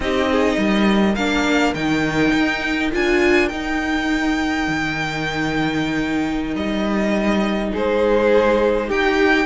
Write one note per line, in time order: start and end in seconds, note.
0.00 0.55 C4
0.00 1.13 D#4
0.00 0.31 G4
0.00 1.15 D#5
0.31 0.57 G#4
0.57 1.16 G3
0.57 7.71 A#4
1.15 1.74 A#3
1.15 1.75 D4
1.15 1.73 F5
1.74 2.33 D#3
1.74 2.92 D#4
1.74 2.90 G5
2.33 2.91 D#4
2.92 3.51 D4
2.92 3.50 F4
2.92 3.48 G#5
3.48 4.67 D#4
3.48 9.45 D#4
3.48 6.54 G5
4.67 6.55 D#3
6.55 7.71 G3
6.55 7.73 D#5
7.73 8.90 G#3
7.73 8.87 G#4
7.73 8.90 C5
8.87 9.45 D#4
8.87 9.45 G4
8.87 9.45 G5